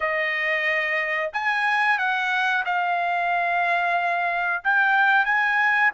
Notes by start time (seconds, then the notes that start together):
0.00 D#5
1.33 G#5
1.98 F#5
2.65 F5
4.64 G5
5.25 G#5